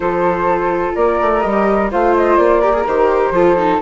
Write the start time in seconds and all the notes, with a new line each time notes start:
0.00 F3 F4 A4 C5
0.95 A#3 A#4 D5
1.20 A3
1.41 G3 G4 D#5
1.91 A3 F4 C5 F5
2.16 D#5
2.36 A#3 D5
2.61 G4 A#4
2.73 G#4
2.86 D#3 G4 C5
3.31 F3 F4 A4
3.57 D#4